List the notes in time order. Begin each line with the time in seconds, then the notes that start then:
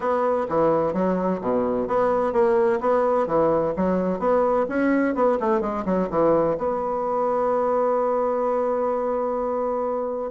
0.00 B3
0.48 E3
0.93 F#3
1.41 B2
1.87 B3
2.32 A#3
2.80 B3
3.26 E3
3.76 F#3
4.19 B3
4.69 C#4
5.15 B3
5.39 A3
5.60 G#3
5.85 F#3
6.09 E3
6.58 B3